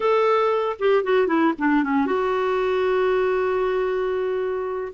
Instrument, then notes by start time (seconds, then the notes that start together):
clarinet
0.00 A4
0.79 G4
1.03 F#4
1.27 E4
1.58 D4
1.83 C#4
2.06 F#4